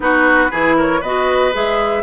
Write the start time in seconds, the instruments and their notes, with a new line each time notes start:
0.00 bassoon B3, clarinet D#4, oboe F#4, flute B4
0.50 bassoon E3, clarinet E4, oboe G#4
0.76 oboe A#4, flute C#5
1.00 bassoon B3, clarinet F#4, oboe B4, flute D#5
1.52 bassoon G#3, clarinet G#4, flute E5